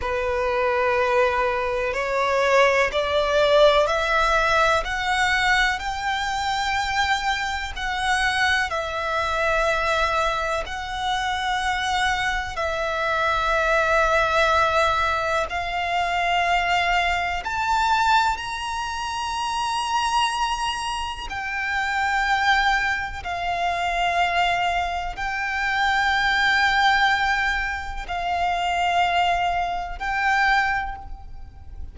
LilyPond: \new Staff \with { instrumentName = "violin" } { \time 4/4 \tempo 4 = 62 b'2 cis''4 d''4 | e''4 fis''4 g''2 | fis''4 e''2 fis''4~ | fis''4 e''2. |
f''2 a''4 ais''4~ | ais''2 g''2 | f''2 g''2~ | g''4 f''2 g''4 | }